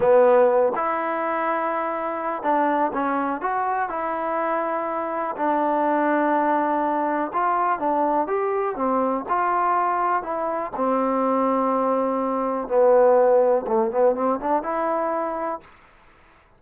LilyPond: \new Staff \with { instrumentName = "trombone" } { \time 4/4 \tempo 4 = 123 b4. e'2~ e'8~ | e'4 d'4 cis'4 fis'4 | e'2. d'4~ | d'2. f'4 |
d'4 g'4 c'4 f'4~ | f'4 e'4 c'2~ | c'2 b2 | a8 b8 c'8 d'8 e'2 | }